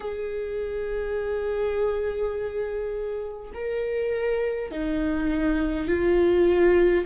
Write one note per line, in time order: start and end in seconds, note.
0.00 3.52 G#4
3.53 4.71 A#4
4.71 5.87 D#4
5.87 7.05 F4